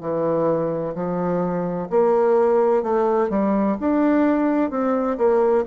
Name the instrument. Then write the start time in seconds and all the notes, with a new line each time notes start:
bassoon
0.00 E3
0.94 F3
1.90 A#3
2.83 A3
3.29 G3
3.80 D4
4.70 C4
5.17 A#3